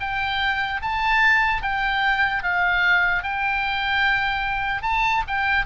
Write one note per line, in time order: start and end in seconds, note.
0.00 0.81 G5
0.82 1.62 A5
1.62 2.43 G5
2.43 3.23 F5
3.23 4.82 G5
4.82 5.23 A5
5.27 5.65 G5